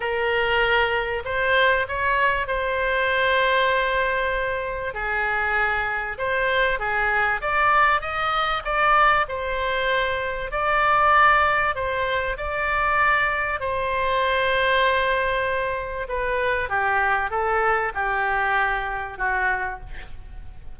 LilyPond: \new Staff \with { instrumentName = "oboe" } { \time 4/4 \tempo 4 = 97 ais'2 c''4 cis''4 | c''1 | gis'2 c''4 gis'4 | d''4 dis''4 d''4 c''4~ |
c''4 d''2 c''4 | d''2 c''2~ | c''2 b'4 g'4 | a'4 g'2 fis'4 | }